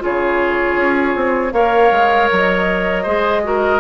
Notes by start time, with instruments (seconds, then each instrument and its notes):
0.00 bassoon C#3, clarinet F4, oboe G#4, flute C#5
0.76 bassoon C#4
1.16 bassoon C4
1.53 bassoon A#3, clarinet A#4, oboe C#5, flute F5
1.92 bassoon G#3
2.32 bassoon F#3, flute D#5
3.03 bassoon G#3, clarinet G#4, oboe C5
3.44 clarinet F#4, oboe A#4